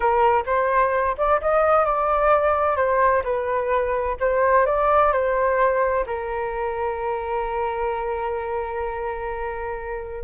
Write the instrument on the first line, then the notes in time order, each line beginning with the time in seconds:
flute
0.00 A#4
0.46 C5
1.17 D5
1.41 D#5
1.85 D5
2.76 C5
3.23 B4
4.19 C5
4.66 D5
5.12 C5
6.06 A#4